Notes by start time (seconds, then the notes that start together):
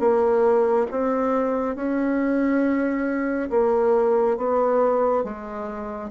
0.00 A#3
0.91 C4
1.76 C#4
3.50 A#3
4.37 B3
5.25 G#3